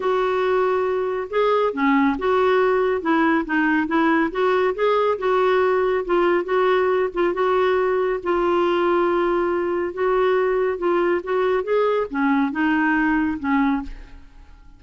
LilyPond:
\new Staff \with { instrumentName = "clarinet" } { \time 4/4 \tempo 4 = 139 fis'2. gis'4 | cis'4 fis'2 e'4 | dis'4 e'4 fis'4 gis'4 | fis'2 f'4 fis'4~ |
fis'8 f'8 fis'2 f'4~ | f'2. fis'4~ | fis'4 f'4 fis'4 gis'4 | cis'4 dis'2 cis'4 | }